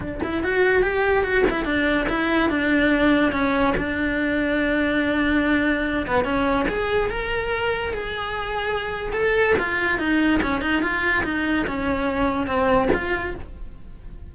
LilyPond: \new Staff \with { instrumentName = "cello" } { \time 4/4 \tempo 4 = 144 d'8 e'8 fis'4 g'4 fis'8 e'8 | d'4 e'4 d'2 | cis'4 d'2.~ | d'2~ d'8 b8 cis'4 |
gis'4 ais'2 gis'4~ | gis'2 a'4 f'4 | dis'4 cis'8 dis'8 f'4 dis'4 | cis'2 c'4 f'4 | }